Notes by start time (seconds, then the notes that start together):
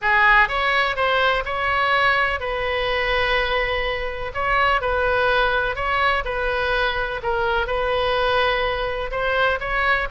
0.01 G#4
0.48 C#5
0.95 C5
1.45 C#5
2.40 B4
4.34 C#5
4.81 B4
5.75 C#5
6.24 B4
7.23 A#4
7.67 B4
9.11 C5
9.60 C#5